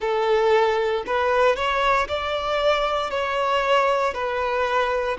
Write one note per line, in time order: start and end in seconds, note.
0.00 1.03 A4
1.06 1.56 B4
1.56 2.07 C#5
2.08 3.10 D5
3.10 4.14 C#5
4.14 5.17 B4